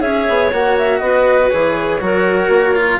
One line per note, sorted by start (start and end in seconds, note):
0.00 0.26 C#4
0.00 0.50 G#4
0.00 0.99 C#5
0.00 0.50 E5
0.29 0.52 B3
0.52 1.01 A#3
0.52 1.50 F#4
0.52 0.77 F#5
0.78 0.99 E5
0.99 1.50 B3
0.99 2.01 B4
0.99 1.48 D#5
1.49 2.00 E3
1.49 2.00 G#4
1.49 2.98 C#5
2.00 2.48 F#3
2.00 2.75 F#4
2.00 3.00 A#4
2.48 2.98 A#3
2.75 3.00 F4